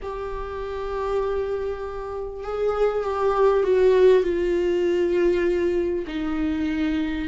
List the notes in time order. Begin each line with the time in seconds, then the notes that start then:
0.02 G4
2.43 G#4
3.04 G4
3.63 F#4
4.23 F4
6.07 D#4